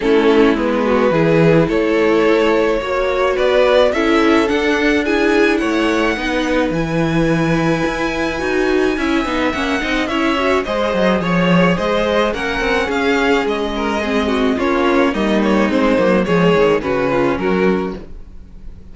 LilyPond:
<<
  \new Staff \with { instrumentName = "violin" } { \time 4/4 \tempo 4 = 107 a'4 b'2 cis''4~ | cis''2 d''4 e''4 | fis''4 gis''4 fis''2 | gis''1~ |
gis''4 fis''4 e''4 dis''4 | cis''4 dis''4 fis''4 f''4 | dis''2 cis''4 dis''8 cis''8 | c''4 cis''4 b'4 ais'4 | }
  \new Staff \with { instrumentName = "violin" } { \time 4/4 e'4. fis'8 gis'4 a'4~ | a'4 cis''4 b'4 a'4~ | a'4 gis'4 cis''4 b'4~ | b'1 |
e''4. dis''8 cis''4 c''4 | cis''4 c''4 ais'4 gis'4~ | gis'8 ais'8 gis'8 fis'8 f'4 dis'4~ | dis'4 gis'4 fis'8 f'8 fis'4 | }
  \new Staff \with { instrumentName = "viola" } { \time 4/4 cis'4 b4 e'2~ | e'4 fis'2 e'4 | d'4 e'2 dis'4 | e'2. fis'4 |
e'8 dis'8 cis'8 dis'8 e'8 fis'8 gis'4~ | gis'2 cis'2~ | cis'4 c'4 cis'4 ais4 | c'8 ais8 gis4 cis'2 | }
  \new Staff \with { instrumentName = "cello" } { \time 4/4 a4 gis4 e4 a4~ | a4 ais4 b4 cis'4 | d'2 a4 b4 | e2 e'4 dis'4 |
cis'8 b8 ais8 c'8 cis'4 gis8 fis8 | f4 gis4 ais8 c'8 cis'4 | gis2 ais4 g4 | gis8 fis8 f8 dis8 cis4 fis4 | }
>>